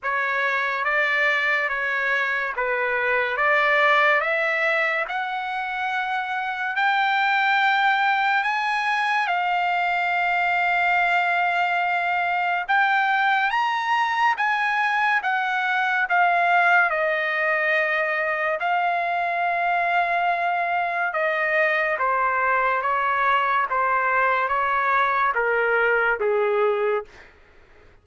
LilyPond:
\new Staff \with { instrumentName = "trumpet" } { \time 4/4 \tempo 4 = 71 cis''4 d''4 cis''4 b'4 | d''4 e''4 fis''2 | g''2 gis''4 f''4~ | f''2. g''4 |
ais''4 gis''4 fis''4 f''4 | dis''2 f''2~ | f''4 dis''4 c''4 cis''4 | c''4 cis''4 ais'4 gis'4 | }